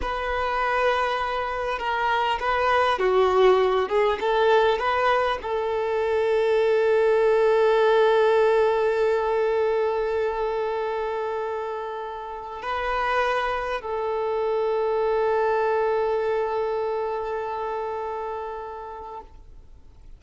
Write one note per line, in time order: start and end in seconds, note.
0.01 1.78 B4
1.78 2.38 A#4
2.39 2.98 B4
2.98 3.88 F#4
3.88 4.18 G#4
4.20 4.78 A4
4.78 5.38 B4
5.42 12.62 A4
12.62 13.81 B4
13.81 19.21 A4